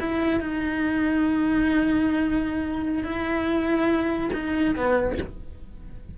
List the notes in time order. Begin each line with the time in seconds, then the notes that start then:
0.00 E4
0.41 D#4
3.03 E4
4.33 D#4
4.76 B3